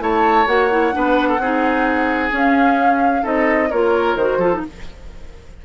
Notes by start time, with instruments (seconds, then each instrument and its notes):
0.00 bassoon A3, clarinet E4, oboe C#5, flute A5
0.47 bassoon A#3, clarinet F#4, flute F#5
0.71 clarinet E4
0.92 bassoon B3, clarinet D4, oboe B4
1.29 oboe A4
1.39 bassoon C4, clarinet D#4, oboe G#4
2.31 clarinet C#4, bassoon C#4, flute F5
3.23 bassoon C4, clarinet D#4, oboe A4, flute D#5
3.70 bassoon A#3, clarinet F4, oboe A#4, flute C#5
4.16 bassoon D#3, clarinet F#4, flute C5
4.38 bassoon F3, clarinet F4, oboe A4
4.54 clarinet D#4